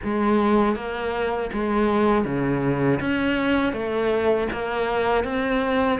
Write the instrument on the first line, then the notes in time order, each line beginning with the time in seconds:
cello
0.03 G#3
0.75 A#3
1.52 G#3
2.25 C#3
3.00 C#4
3.72 A3
4.52 A#3
5.24 C4